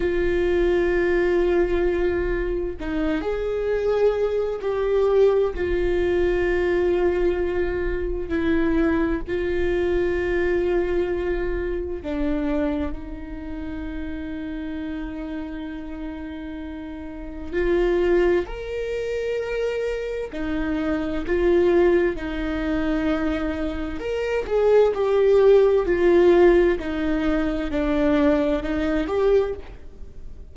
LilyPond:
\new Staff \with { instrumentName = "viola" } { \time 4/4 \tempo 4 = 65 f'2. dis'8 gis'8~ | gis'4 g'4 f'2~ | f'4 e'4 f'2~ | f'4 d'4 dis'2~ |
dis'2. f'4 | ais'2 dis'4 f'4 | dis'2 ais'8 gis'8 g'4 | f'4 dis'4 d'4 dis'8 g'8 | }